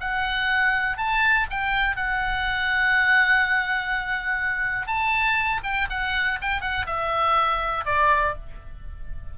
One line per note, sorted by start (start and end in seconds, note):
0.00 0.97 F#5
0.97 1.47 A5
1.50 1.96 G5
1.96 4.87 F#5
4.87 5.61 A5
5.63 5.88 G5
5.90 6.39 F#5
6.41 6.61 G5
6.61 6.86 F#5
6.86 7.85 E5
7.86 8.35 D5